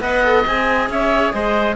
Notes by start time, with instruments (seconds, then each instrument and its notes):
0.00 cello B3, viola B4, oboe D#5, clarinet F#5
0.23 viola A4
0.46 cello C4, viola G#4, clarinet G#5
0.89 cello C#4, oboe C#5, clarinet E5
1.31 cello G#3, oboe C5, clarinet D#5